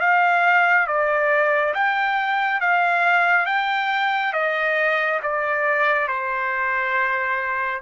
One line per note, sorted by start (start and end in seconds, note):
0.00 0.87 F5
0.87 1.74 D5
1.74 2.60 G5
2.60 3.46 F5
3.46 4.33 G5
4.33 5.20 D#5
5.23 6.08 D5
6.08 7.81 C5